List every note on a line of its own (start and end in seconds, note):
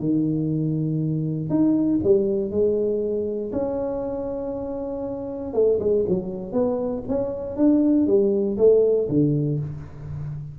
0.00 1.50 D#3
1.50 2.00 D#4
2.04 2.51 G3
2.51 3.52 G#3
3.52 5.53 C#4
5.53 5.79 A3
5.80 6.05 G#3
6.09 6.52 F#3
6.52 7.03 B3
7.08 7.57 C#4
7.57 8.07 D4
8.07 8.57 G3
8.58 9.08 A3
9.09 9.59 D3